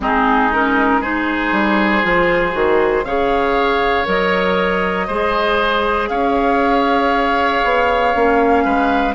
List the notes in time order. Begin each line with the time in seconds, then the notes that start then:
0.00 G#3 C4 D#4 G#4
0.52 C#4 A#4
1.00 D#4 G#4 C5
1.52 G3
2.02 F3 F4
2.52 D#3 F#4
3.04 C#3 G#4 C#5 F5
4.04 F#3 A#4 D#5
5.07 G#3 G#4 C5
6.08 C#4 C#5 F5
7.63 B3
8.15 A#3 C#4
8.64 G#3 B4